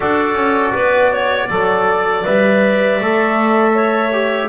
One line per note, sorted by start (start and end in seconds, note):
0.00 0.34 D4
0.00 1.49 F#4
0.00 0.73 A4
0.00 2.24 D5
0.34 0.72 C#4
0.73 1.49 B3
0.73 1.11 B4
1.12 1.47 C#5
1.47 2.25 F#3
1.47 2.24 A4
1.47 3.72 D5
2.24 3.00 G3
2.24 2.99 B4
2.24 4.48 E5
3.00 4.48 A3
3.00 4.12 A4
3.74 4.48 C#5
4.12 4.48 G4